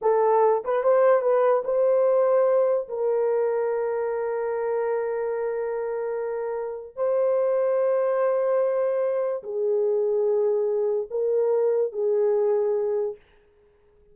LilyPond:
\new Staff \with { instrumentName = "horn" } { \time 4/4 \tempo 4 = 146 a'4. b'8 c''4 b'4 | c''2. ais'4~ | ais'1~ | ais'1~ |
ais'4 c''2.~ | c''2. gis'4~ | gis'2. ais'4~ | ais'4 gis'2. | }